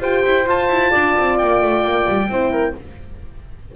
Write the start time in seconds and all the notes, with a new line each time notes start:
0.00 F4 G4 C5 G5
0.25 E4
0.45 F4 A5
0.69 E4
0.91 D4 D5
1.18 C4
1.38 A#3 G5
1.62 A3
1.84 A#3
2.08 G3
2.28 C4 E4 C5
2.51 A#4